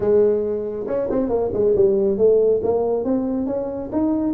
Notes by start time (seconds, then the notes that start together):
0.00 G#3
0.87 C#4
1.10 C4
1.29 A#3
1.53 G#3
1.75 G3
2.17 A3
2.63 A#3
3.04 C4
3.46 C#4
3.92 D#4